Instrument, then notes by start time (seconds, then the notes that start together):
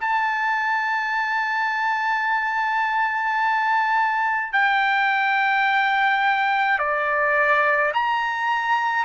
trumpet
0.00 A5
4.53 G5
6.79 D5
7.94 A#5